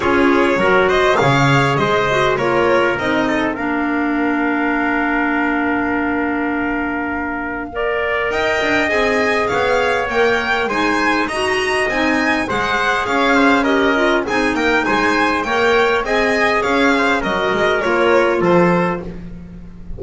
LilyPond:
<<
  \new Staff \with { instrumentName = "violin" } { \time 4/4 \tempo 4 = 101 cis''4. dis''8 f''4 dis''4 | cis''4 dis''4 f''2~ | f''1~ | f''2 g''4 gis''4 |
f''4 g''4 gis''4 ais''4 | gis''4 fis''4 f''4 dis''4 | gis''8 g''8 gis''4 g''4 gis''4 | f''4 dis''4 cis''4 c''4 | }
  \new Staff \with { instrumentName = "trumpet" } { \time 4/4 gis'4 ais'8 c''8 cis''4 c''4 | ais'4. a'8 ais'2~ | ais'1~ | ais'4 d''4 dis''2 |
cis''2 c''4 dis''4~ | dis''4 c''4 cis''8 c''8 ais'4 | gis'8 ais'8 c''4 cis''4 dis''4 | cis''8 c''8 ais'2 a'4 | }
  \new Staff \with { instrumentName = "clarinet" } { \time 4/4 f'4 fis'4 gis'4. fis'8 | f'4 dis'4 d'2~ | d'1~ | d'4 ais'2 gis'4~ |
gis'4 ais'4 dis'4 fis'4 | dis'4 gis'2 g'8 f'8 | dis'2 ais'4 gis'4~ | gis'4 fis'4 f'2 | }
  \new Staff \with { instrumentName = "double bass" } { \time 4/4 cis'4 fis4 cis4 gis4 | ais4 c'4 ais2~ | ais1~ | ais2 dis'8 d'8 c'4 |
b4 ais4 gis4 dis'4 | c'4 gis4 cis'2 | c'8 ais8 gis4 ais4 c'4 | cis'4 fis8 gis8 ais4 f4 | }
>>